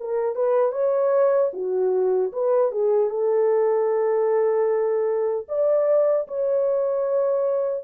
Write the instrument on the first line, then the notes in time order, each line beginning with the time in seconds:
horn
0.00 A#4
0.36 B4
0.72 C#5
1.53 F#4
2.33 B4
2.72 G#4
3.10 A4
5.49 D5
6.28 C#5